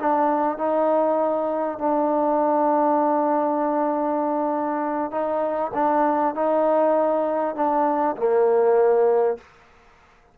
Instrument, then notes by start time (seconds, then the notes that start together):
trombone
0.00 D4
0.58 D#4
1.79 D4
5.11 D#4
5.74 D4
6.35 D#4
7.55 D4
8.17 A#3